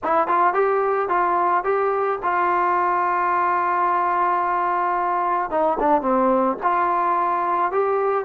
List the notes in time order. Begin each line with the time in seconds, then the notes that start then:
0.03 E4
0.27 F4
0.53 G4
1.08 F4
1.64 G4
2.23 F4
5.50 D#4
5.79 D4
6.02 C4
6.62 F4
7.71 G4